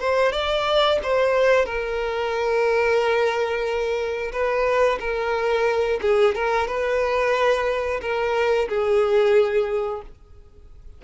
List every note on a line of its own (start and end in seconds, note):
0.00 0.32 C5
0.32 0.99 D5
1.03 1.65 C5
1.65 4.32 A#4
4.32 4.99 B4
5.00 6.00 A#4
6.02 6.35 G#4
6.35 6.67 A#4
6.67 8.01 B4
8.02 8.68 A#4
8.68 10.02 G#4